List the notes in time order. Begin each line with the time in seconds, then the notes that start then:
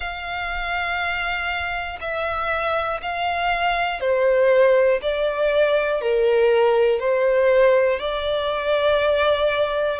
0.00 F5
2.00 E5
3.02 F5
4.00 C5
5.01 D5
6.00 A#4
7.00 C5
8.00 D5